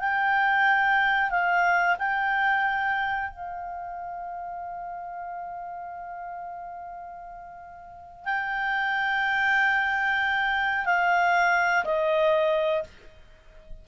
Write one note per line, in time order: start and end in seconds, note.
0.00 1.30 G5
1.30 1.96 F5
1.99 3.31 G5
3.31 8.25 F5
8.25 10.86 G5
10.86 11.85 F5
11.85 12.84 D#5